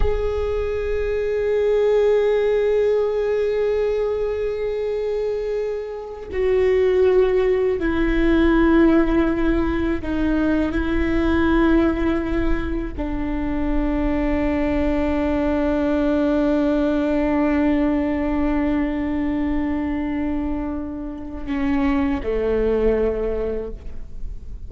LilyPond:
\new Staff \with { instrumentName = "viola" } { \time 4/4 \tempo 4 = 81 gis'1~ | gis'1~ | gis'8 fis'2 e'4.~ | e'4. dis'4 e'4.~ |
e'4. d'2~ d'8~ | d'1~ | d'1~ | d'4 cis'4 a2 | }